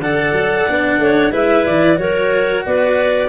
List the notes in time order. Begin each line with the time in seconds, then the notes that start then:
0.00 D3 A4 D5 F#5
0.32 F#3
0.68 B3 D4
0.98 A3 C#5
1.31 G#3 E4 B4 E5
1.66 E3 D5
1.95 F#3 F#4 A#4 C#5
2.65 B3 B4 D5